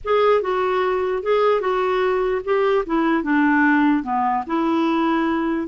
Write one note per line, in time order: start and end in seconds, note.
0.04 0.41 G#4
0.41 1.22 F#4
1.23 1.60 G#4
1.60 2.41 F#4
2.44 2.85 G4
2.86 3.23 E4
3.23 4.03 D4
4.03 4.44 B3
4.46 5.67 E4